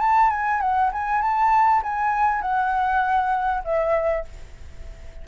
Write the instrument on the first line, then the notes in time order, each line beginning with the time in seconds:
flute
0.00 A5
0.31 G#5
0.61 F#5
0.93 G#5
1.21 A5
1.83 G#5
2.42 F#5
3.64 E5